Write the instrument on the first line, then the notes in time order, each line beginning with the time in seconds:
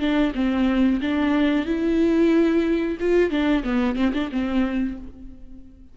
viola
0.00 D4
0.35 C4
1.02 D4
1.66 E4
3.00 F4
3.31 D4
3.64 B3
3.96 C4
4.14 D4
4.32 C4